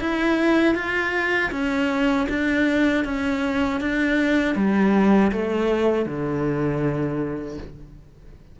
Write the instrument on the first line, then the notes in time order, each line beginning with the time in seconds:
cello
0.00 E4
0.75 F4
1.52 C#4
2.29 D4
3.04 C#4
3.80 D4
4.56 G3
5.32 A3
6.06 D3